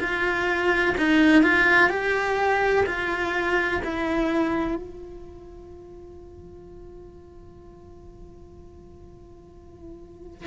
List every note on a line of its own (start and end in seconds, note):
0.00 0.95 F4
0.97 1.42 D#4
1.42 1.89 F4
1.89 2.84 G4
2.86 3.81 F4
3.84 4.76 E4
4.76 10.47 F4